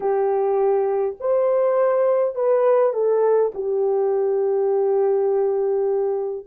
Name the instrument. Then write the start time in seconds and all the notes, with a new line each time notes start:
horn
0.00 G4
1.20 C5
2.35 B4
2.93 A4
3.54 G4